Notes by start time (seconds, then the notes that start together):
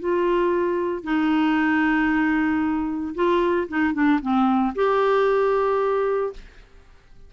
0.00 F4
1.04 D#4
3.15 F4
3.69 D#4
3.94 D4
4.22 C4
4.76 G4